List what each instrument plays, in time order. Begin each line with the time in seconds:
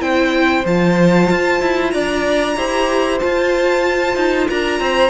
0.00 cello C4, viola E4, violin C5 G5
0.65 cello F3, viola F4, violin A5
1.30 cello F4
1.62 cello E4
1.91 cello D4, violin D5 A#5
2.57 cello E4, viola G4, violin C5
3.20 viola F4, cello F4, violin A5
4.16 cello D#4
4.49 cello D4, violin A#4 A#5
4.80 cello C4, violin C5